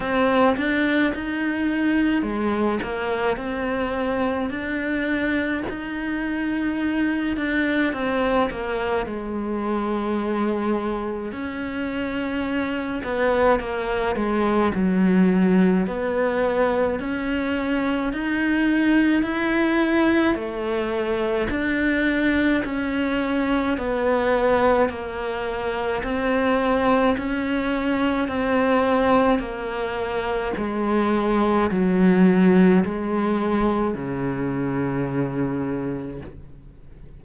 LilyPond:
\new Staff \with { instrumentName = "cello" } { \time 4/4 \tempo 4 = 53 c'8 d'8 dis'4 gis8 ais8 c'4 | d'4 dis'4. d'8 c'8 ais8 | gis2 cis'4. b8 | ais8 gis8 fis4 b4 cis'4 |
dis'4 e'4 a4 d'4 | cis'4 b4 ais4 c'4 | cis'4 c'4 ais4 gis4 | fis4 gis4 cis2 | }